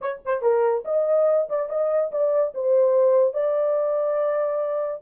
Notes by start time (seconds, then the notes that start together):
0.01 C#5
0.25 C5
0.42 A#4
0.84 D#5
1.49 D5
1.69 D#5
2.11 D5
2.54 C5
3.33 D5